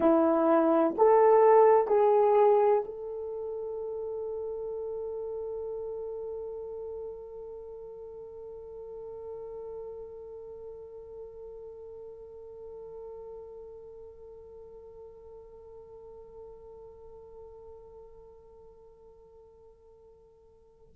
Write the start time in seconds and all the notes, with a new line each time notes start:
0.00 E4
0.97 A4
1.87 G#4
2.84 A4